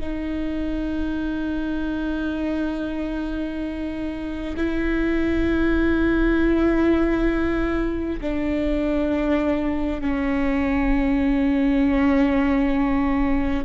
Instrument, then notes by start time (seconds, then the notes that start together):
viola
0.00 D#4
4.57 E4
8.21 D4
10.01 C#4